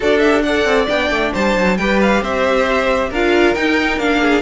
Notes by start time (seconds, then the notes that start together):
0.00 D4 F#4 A4 D5
0.19 G4 E5
0.42 A4 D5 F#5
0.64 C4
0.88 B3 D4 G5
1.10 A3
1.33 G3 C5 A5
1.56 F#3
1.77 G3 G4 B4 G5
2.01 F5
2.21 C4 C5 E5
3.09 D4 F4 A#4 F5
3.54 D#4 G5
3.98 A#3 D4 F5
4.20 G#4